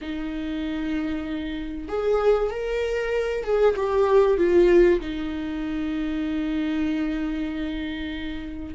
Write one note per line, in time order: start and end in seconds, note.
0.01 1.88 D#4
1.88 2.50 G#4
2.50 3.43 A#4
3.43 3.74 G#4
3.76 4.37 G4
4.37 5.00 F4
5.00 8.74 D#4